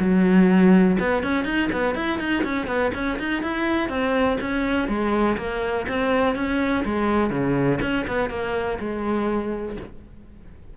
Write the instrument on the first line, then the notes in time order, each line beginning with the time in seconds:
cello
0.00 F#3
1.00 B3
1.23 C#4
1.45 D#4
1.72 B3
1.95 E4
2.19 D#4
2.44 C#4
2.67 B3
2.94 C#4
3.19 D#4
3.43 E4
3.90 C4
4.41 C#4
4.89 G#3
5.38 A#3
5.89 C4
6.36 C#4
6.85 G#3
7.30 C#3
7.82 C#4
8.08 B3
8.30 A#3
8.80 G#3